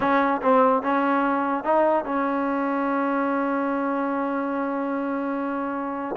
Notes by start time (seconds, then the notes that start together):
0.00 C#4
0.41 C4
0.82 C#4
1.63 D#4
2.04 C#4